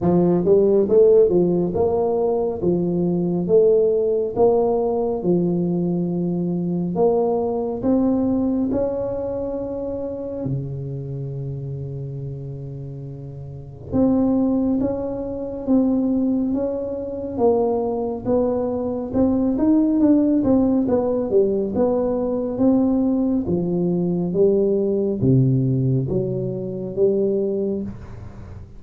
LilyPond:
\new Staff \with { instrumentName = "tuba" } { \time 4/4 \tempo 4 = 69 f8 g8 a8 f8 ais4 f4 | a4 ais4 f2 | ais4 c'4 cis'2 | cis1 |
c'4 cis'4 c'4 cis'4 | ais4 b4 c'8 dis'8 d'8 c'8 | b8 g8 b4 c'4 f4 | g4 c4 fis4 g4 | }